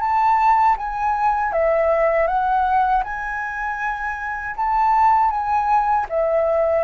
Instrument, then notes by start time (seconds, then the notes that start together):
flute
0.00 A5
0.77 G#5
1.52 E5
2.27 F#5
3.03 G#5
4.56 A5
5.30 G#5
6.09 E5